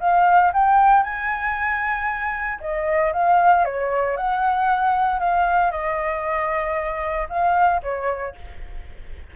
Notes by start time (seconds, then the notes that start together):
0.00 F5
0.53 G5
1.03 G#5
2.60 D#5
3.13 F5
3.65 C#5
4.17 F#5
5.20 F5
5.72 D#5
7.29 F5
7.83 C#5